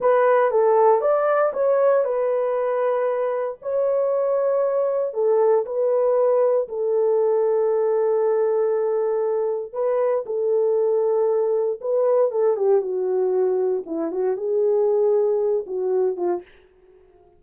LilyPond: \new Staff \with { instrumentName = "horn" } { \time 4/4 \tempo 4 = 117 b'4 a'4 d''4 cis''4 | b'2. cis''4~ | cis''2 a'4 b'4~ | b'4 a'2.~ |
a'2. b'4 | a'2. b'4 | a'8 g'8 fis'2 e'8 fis'8 | gis'2~ gis'8 fis'4 f'8 | }